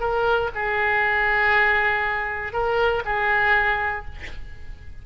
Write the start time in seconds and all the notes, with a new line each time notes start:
0.00 A#4
0.55 G#4
2.53 A#4
3.05 G#4